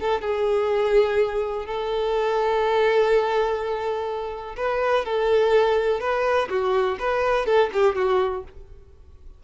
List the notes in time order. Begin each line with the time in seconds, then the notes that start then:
0.00 A4
0.21 G#4
1.66 A4
4.57 B4
5.05 A4
6.00 B4
6.49 F#4
6.99 B4
7.46 A4
7.73 G4
7.95 F#4